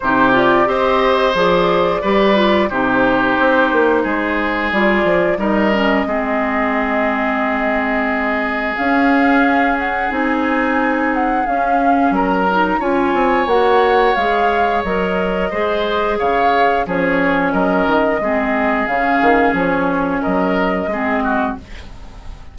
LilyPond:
<<
  \new Staff \with { instrumentName = "flute" } { \time 4/4 \tempo 4 = 89 c''8 d''8 dis''4 d''2 | c''2. d''4 | dis''1~ | dis''4 f''4. fis''8 gis''4~ |
gis''8 fis''8 f''4 ais''4 gis''4 | fis''4 f''4 dis''2 | f''4 cis''4 dis''2 | f''4 cis''4 dis''2 | }
  \new Staff \with { instrumentName = "oboe" } { \time 4/4 g'4 c''2 b'4 | g'2 gis'2 | ais'4 gis'2.~ | gis'1~ |
gis'2 ais'4 cis''4~ | cis''2. c''4 | cis''4 gis'4 ais'4 gis'4~ | gis'2 ais'4 gis'8 fis'8 | }
  \new Staff \with { instrumentName = "clarinet" } { \time 4/4 dis'8 f'8 g'4 gis'4 g'8 f'8 | dis'2. f'4 | dis'8 cis'8 c'2.~ | c'4 cis'2 dis'4~ |
dis'4 cis'4. dis'8 f'4 | fis'4 gis'4 ais'4 gis'4~ | gis'4 cis'2 c'4 | cis'2. c'4 | }
  \new Staff \with { instrumentName = "bassoon" } { \time 4/4 c4 c'4 f4 g4 | c4 c'8 ais8 gis4 g8 f8 | g4 gis2.~ | gis4 cis'2 c'4~ |
c'4 cis'4 fis4 cis'8 c'8 | ais4 gis4 fis4 gis4 | cis4 f4 fis8 dis8 gis4 | cis8 dis8 f4 fis4 gis4 | }
>>